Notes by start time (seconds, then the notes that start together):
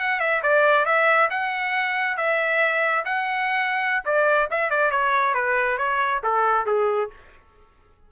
0.00 F#5
0.20 E5
0.43 D5
0.85 E5
1.30 F#5
2.17 E5
3.05 F#5
4.05 D5
4.51 E5
4.70 D5
4.91 C#5
5.34 B4
5.78 C#5
6.23 A4
6.66 G#4